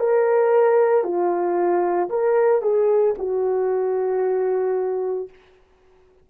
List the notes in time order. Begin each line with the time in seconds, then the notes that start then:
0.00 A#4
1.04 F4
2.10 A#4
2.62 G#4
3.19 F#4